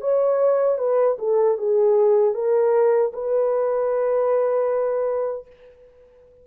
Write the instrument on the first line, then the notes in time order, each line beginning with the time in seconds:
horn
0.00 C#5
0.78 B4
1.18 A4
1.58 G#4
2.34 A#4
3.12 B4